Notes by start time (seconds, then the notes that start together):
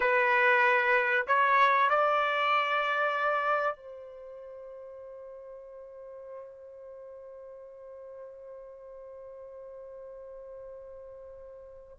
0.00 B4
1.27 C#5
1.89 D5
3.76 C5